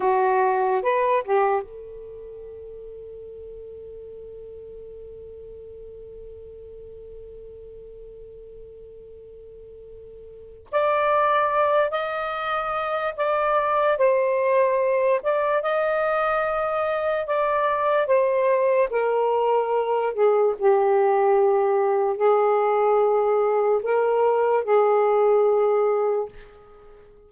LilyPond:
\new Staff \with { instrumentName = "saxophone" } { \time 4/4 \tempo 4 = 73 fis'4 b'8 g'8 a'2~ | a'1~ | a'1~ | a'4 d''4. dis''4. |
d''4 c''4. d''8 dis''4~ | dis''4 d''4 c''4 ais'4~ | ais'8 gis'8 g'2 gis'4~ | gis'4 ais'4 gis'2 | }